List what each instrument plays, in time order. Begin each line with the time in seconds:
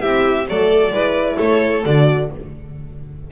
0.00 double bass C4, horn E4, violin G4 E5
0.48 double bass F#3, horn A3, violin A4 D5
0.90 double bass G#3, horn E4, violin B4
1.36 double bass A3, violin A4 C#5
1.85 double bass D3, horn F#4, violin D5